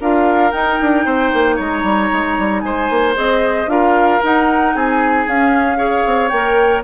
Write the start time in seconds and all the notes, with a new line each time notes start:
0.00 D4 F4 A#4 F5
0.51 D#4 G5
0.81 D4
1.05 C4 C5
1.33 A#3
1.56 G#3 C#5 A#5
1.83 G3
2.12 G#3
2.38 G3
2.60 G#3 C5 G#5
2.90 A#3
3.15 C4 G#4 D#5
3.67 D4 F4 A#4 F5
4.23 D#4 F#5
4.75 C4 G#4 G#5
5.27 C#4 F5
5.77 G#4 C#5
6.05 C4
6.29 A#3 A#4 G5